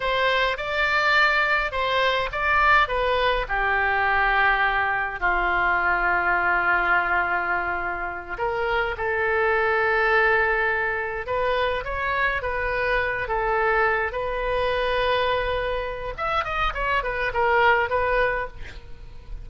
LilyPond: \new Staff \with { instrumentName = "oboe" } { \time 4/4 \tempo 4 = 104 c''4 d''2 c''4 | d''4 b'4 g'2~ | g'4 f'2.~ | f'2~ f'8 ais'4 a'8~ |
a'2.~ a'8 b'8~ | b'8 cis''4 b'4. a'4~ | a'8 b'2.~ b'8 | e''8 dis''8 cis''8 b'8 ais'4 b'4 | }